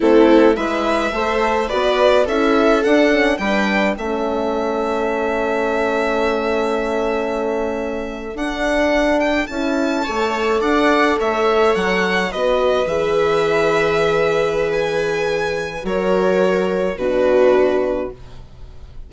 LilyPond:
<<
  \new Staff \with { instrumentName = "violin" } { \time 4/4 \tempo 4 = 106 a'4 e''2 d''4 | e''4 fis''4 g''4 e''4~ | e''1~ | e''2~ e''8. fis''4~ fis''16~ |
fis''16 g''8 a''2 fis''4 e''16~ | e''8. fis''4 dis''4 e''4~ e''16~ | e''2 gis''2 | cis''2 b'2 | }
  \new Staff \with { instrumentName = "viola" } { \time 4/4 e'4 b'4 c''4 b'4 | a'2 b'4 a'4~ | a'1~ | a'1~ |
a'4.~ a'16 cis''4 d''4 cis''16~ | cis''4.~ cis''16 b'2~ b'16~ | b'1 | ais'2 fis'2 | }
  \new Staff \with { instrumentName = "horn" } { \time 4/4 c'4 e'4 a'4 fis'4 | e'4 d'8 cis'8 d'4 cis'4~ | cis'1~ | cis'2~ cis'8. d'4~ d'16~ |
d'8. e'4 a'2~ a'16~ | a'4.~ a'16 fis'4 gis'4~ gis'16~ | gis'1 | fis'2 d'2 | }
  \new Staff \with { instrumentName = "bassoon" } { \time 4/4 a4 gis4 a4 b4 | cis'4 d'4 g4 a4~ | a1~ | a2~ a8. d'4~ d'16~ |
d'8. cis'4 a4 d'4 a16~ | a8. fis4 b4 e4~ e16~ | e1 | fis2 b,2 | }
>>